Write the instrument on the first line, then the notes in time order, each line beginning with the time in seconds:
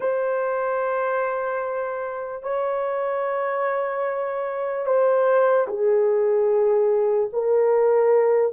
horn
0.00 C5
2.43 C#5
4.85 C5
5.67 G#4
7.32 A#4